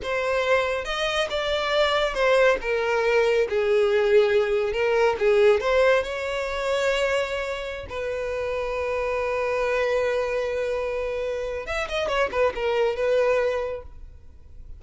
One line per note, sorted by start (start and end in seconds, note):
0.02 0.85 C5
0.85 1.28 D#5
1.29 2.14 D5
2.14 2.57 C5
2.61 3.47 A#4
3.49 4.72 G#4
4.72 5.16 A#4
5.18 5.60 G#4
5.60 6.03 C5
6.03 7.86 C#5
7.89 11.66 B4
11.66 11.88 E5
11.88 12.08 D#5
12.08 12.29 C#5
12.31 12.53 B4
12.55 12.96 A#4
12.96 13.82 B4